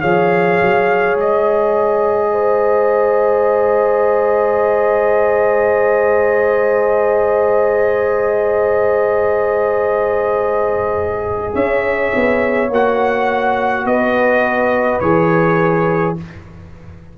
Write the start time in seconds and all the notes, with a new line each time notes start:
0.00 F3 G#4 C#5 F5
0.61 F#3
1.14 G#3 D#5
2.32 C5
11.54 C#4 C#5 E5
12.15 B3
12.69 A#3 F#4 F#5
13.84 B3 B4 D#5
15.00 E3 G#4 C#5